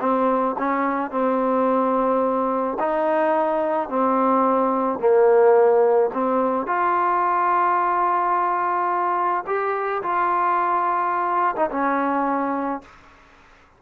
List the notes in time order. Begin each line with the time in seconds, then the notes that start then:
0.00 C4
0.58 C#4
1.11 C4
2.79 D#4
3.88 C4
4.99 A#3
6.13 C4
6.66 F4
9.46 G4
10.03 F4
11.55 D#4
11.70 C#4